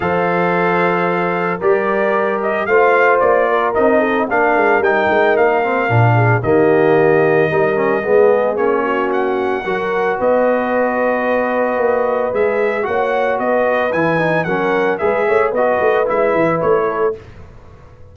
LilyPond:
<<
  \new Staff \with { instrumentName = "trumpet" } { \time 4/4 \tempo 4 = 112 f''2. d''4~ | d''8 dis''8 f''4 d''4 dis''4 | f''4 g''4 f''2 | dis''1 |
cis''4 fis''2 dis''4~ | dis''2. e''4 | fis''4 dis''4 gis''4 fis''4 | e''4 dis''4 e''4 cis''4 | }
  \new Staff \with { instrumentName = "horn" } { \time 4/4 c''2. ais'4~ | ais'4 c''4. ais'4 a'8 | ais'2.~ ais'8 gis'8 | g'2 ais'4 gis'4~ |
gis'8 fis'4. ais'4 b'4~ | b'1 | cis''4 b'2 ais'4 | b'8 cis''8 b'2~ b'8 a'8 | }
  \new Staff \with { instrumentName = "trombone" } { \time 4/4 a'2. g'4~ | g'4 f'2 dis'4 | d'4 dis'4. c'8 d'4 | ais2 dis'8 cis'8 b4 |
cis'2 fis'2~ | fis'2. gis'4 | fis'2 e'8 dis'8 cis'4 | gis'4 fis'4 e'2 | }
  \new Staff \with { instrumentName = "tuba" } { \time 4/4 f2. g4~ | g4 a4 ais4 c'4 | ais8 gis8 g8 gis8 ais4 ais,4 | dis2 g4 gis4 |
ais2 fis4 b4~ | b2 ais4 gis4 | ais4 b4 e4 fis4 | gis8 a8 b8 a8 gis8 e8 a4 | }
>>